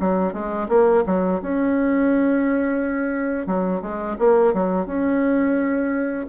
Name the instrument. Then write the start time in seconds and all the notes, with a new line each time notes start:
bassoon
0.00 F#3
0.33 G#3
0.69 A#3
1.06 F#3
1.42 C#4
3.47 F#3
3.82 G#3
4.19 A#3
4.53 F#3
4.86 C#4